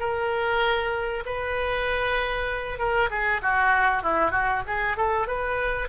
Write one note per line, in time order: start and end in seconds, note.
0.00 1.24 A#4
1.26 2.79 B4
2.79 3.10 A#4
3.10 3.41 G#4
3.42 4.03 F#4
4.03 4.32 E4
4.32 4.63 F#4
4.67 4.97 G#4
4.97 5.27 A4
5.27 5.89 B4